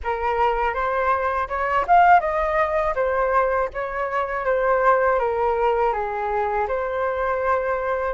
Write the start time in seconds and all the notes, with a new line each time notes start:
0.03 A#4
0.73 C5
1.48 C#5
1.87 F5
2.20 D#5
2.95 C5
3.73 C#5
4.45 C5
5.19 A#4
5.93 G#4
6.68 C5